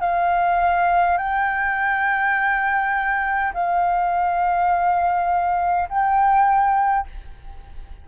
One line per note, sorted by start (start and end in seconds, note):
0.00 1.18 F5
1.18 3.53 G5
3.53 5.89 F5
5.89 7.07 G5